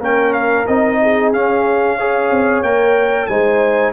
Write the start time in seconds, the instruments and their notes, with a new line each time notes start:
0.00 tuba A#3, trombone C#4, horn A#4, trumpet G5
0.34 trumpet F5
0.67 tuba C4, trombone D#4, trumpet D#5
1.02 horn G#4
1.33 tuba C#4, trombone C#4, trumpet F5
1.98 trombone G#4, horn C#5
2.31 tuba C4
2.62 tuba A#3, trombone A#4, trumpet G5
3.27 tuba G#3, trombone D#4, horn C5, trumpet G#5